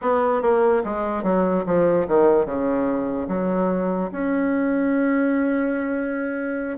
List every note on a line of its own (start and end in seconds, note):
0.01 0.41 B3
0.41 0.83 A#3
0.84 1.23 G#3
1.23 1.64 F#3
1.66 2.07 F3
2.07 2.45 D#3
2.45 3.27 C#3
3.28 4.10 F#3
4.11 6.78 C#4